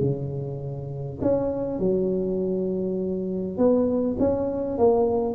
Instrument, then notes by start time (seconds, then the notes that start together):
tuba
0.00 C#3
1.21 C#4
1.79 F#3
3.57 B3
4.19 C#4
4.78 A#3